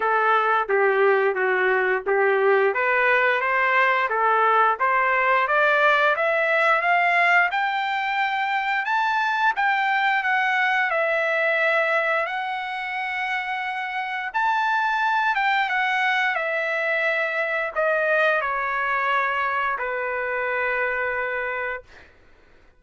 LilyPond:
\new Staff \with { instrumentName = "trumpet" } { \time 4/4 \tempo 4 = 88 a'4 g'4 fis'4 g'4 | b'4 c''4 a'4 c''4 | d''4 e''4 f''4 g''4~ | g''4 a''4 g''4 fis''4 |
e''2 fis''2~ | fis''4 a''4. g''8 fis''4 | e''2 dis''4 cis''4~ | cis''4 b'2. | }